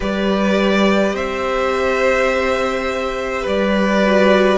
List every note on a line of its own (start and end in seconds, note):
0.00 1.14 G3
0.00 4.02 G4
0.00 1.14 B4
0.00 1.15 D5
1.14 3.44 C4
1.14 3.42 C5
1.14 3.46 E5
3.42 4.57 G3
3.42 4.57 B4
3.42 4.57 D5
4.05 4.57 F#4